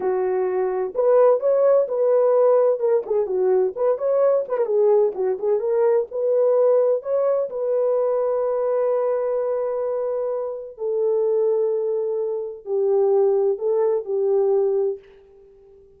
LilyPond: \new Staff \with { instrumentName = "horn" } { \time 4/4 \tempo 4 = 128 fis'2 b'4 cis''4 | b'2 ais'8 gis'8 fis'4 | b'8 cis''4 b'16 ais'16 gis'4 fis'8 gis'8 | ais'4 b'2 cis''4 |
b'1~ | b'2. a'4~ | a'2. g'4~ | g'4 a'4 g'2 | }